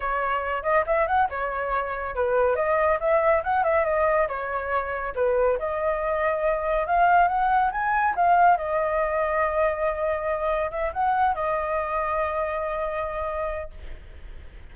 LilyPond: \new Staff \with { instrumentName = "flute" } { \time 4/4 \tempo 4 = 140 cis''4. dis''8 e''8 fis''8 cis''4~ | cis''4 b'4 dis''4 e''4 | fis''8 e''8 dis''4 cis''2 | b'4 dis''2. |
f''4 fis''4 gis''4 f''4 | dis''1~ | dis''4 e''8 fis''4 dis''4.~ | dis''1 | }